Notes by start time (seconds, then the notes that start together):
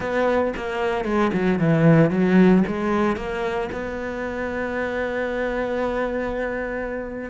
0.00 B3
0.56 A#3
1.04 G#3
1.33 F#3
1.59 E3
2.10 F#3
2.67 G#3
3.16 A#3
3.72 B3